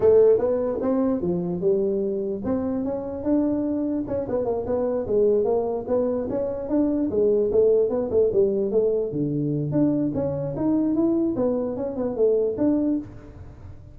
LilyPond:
\new Staff \with { instrumentName = "tuba" } { \time 4/4 \tempo 4 = 148 a4 b4 c'4 f4 | g2 c'4 cis'4 | d'2 cis'8 b8 ais8 b8~ | b8 gis4 ais4 b4 cis'8~ |
cis'8 d'4 gis4 a4 b8 | a8 g4 a4 d4. | d'4 cis'4 dis'4 e'4 | b4 cis'8 b8 a4 d'4 | }